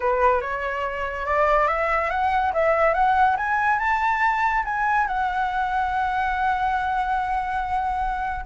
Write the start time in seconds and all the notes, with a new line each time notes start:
0.00 B4
0.41 C#5
1.26 D5
1.67 E5
2.10 F#5
2.53 E5
2.94 F#5
3.36 G#5
3.79 A5
4.64 G#5
5.07 F#5